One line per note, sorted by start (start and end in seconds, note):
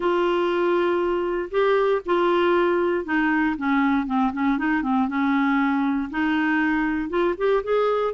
0.00 1.49 F4
1.50 2.01 G4
2.05 3.05 F4
3.05 3.55 D#4
3.57 4.06 C#4
4.06 4.32 C4
4.32 4.58 C#4
4.58 4.82 D#4
4.82 5.07 C4
5.08 6.09 C#4
6.10 7.09 D#4
7.09 7.35 F4
7.37 7.63 G4
7.63 8.14 G#4